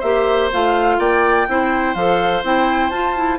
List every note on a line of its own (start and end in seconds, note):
0.00 0.51 A#3
0.00 0.51 G4
0.00 0.96 C5
0.00 0.50 E5
0.53 0.99 A3
0.53 1.48 F4
0.53 1.00 F5
0.99 1.47 A#3
0.99 1.47 D5
0.99 1.95 G5
1.48 1.95 C4
1.48 1.96 E4
1.48 3.39 C5
1.95 2.43 F3
1.95 2.44 A4
1.95 2.43 F5
2.43 2.91 C4
2.43 2.92 E4
2.43 2.90 G5
2.90 3.39 F4
2.90 3.17 F4
2.90 3.38 A5
3.17 3.39 E4